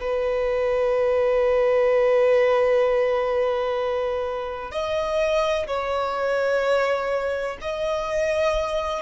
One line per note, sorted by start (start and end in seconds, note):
0.00 4.71 B4
4.71 5.66 D#5
5.67 7.57 C#5
7.61 9.02 D#5